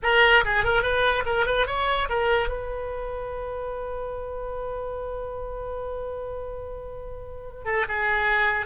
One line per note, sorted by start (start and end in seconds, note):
0.02 0.44 A#4
0.44 0.64 G#4
0.64 0.82 A#4
0.82 1.23 B4
1.25 1.46 A#4
1.46 1.66 B4
1.67 2.08 C#5
2.09 2.48 A#4
2.48 7.64 B4
7.64 7.85 A4
7.88 8.66 G#4